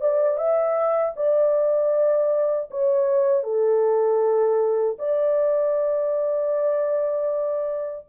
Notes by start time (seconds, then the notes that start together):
0.00 D5
0.37 E5
1.16 D5
2.70 C#5
3.43 A4
4.98 D5